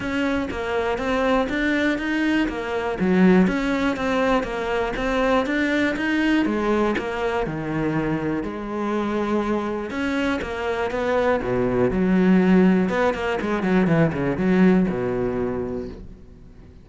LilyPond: \new Staff \with { instrumentName = "cello" } { \time 4/4 \tempo 4 = 121 cis'4 ais4 c'4 d'4 | dis'4 ais4 fis4 cis'4 | c'4 ais4 c'4 d'4 | dis'4 gis4 ais4 dis4~ |
dis4 gis2. | cis'4 ais4 b4 b,4 | fis2 b8 ais8 gis8 fis8 | e8 cis8 fis4 b,2 | }